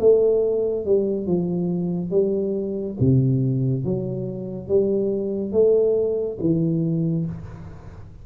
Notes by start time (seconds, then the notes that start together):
0.00 A3
0.85 G3
1.27 F3
2.11 G3
3.00 C3
3.85 F#3
4.68 G3
5.52 A3
6.40 E3